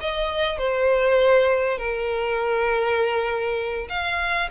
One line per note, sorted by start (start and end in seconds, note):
0.00 0.58 D#5
0.58 1.78 C5
1.78 3.88 A#4
3.89 4.49 F5